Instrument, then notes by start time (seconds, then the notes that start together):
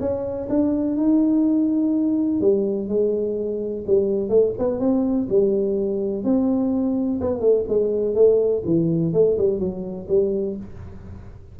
tuba
0.00 C#4
0.49 D4
0.97 D#4
2.41 G3
2.88 G#3
3.87 G3
4.29 A3
4.59 B3
4.79 C4
5.29 G3
6.24 C4
7.21 B3
7.41 A3
7.68 G#3
8.15 A3
8.65 E3
9.13 A3
9.38 G3
9.59 F#3
10.08 G3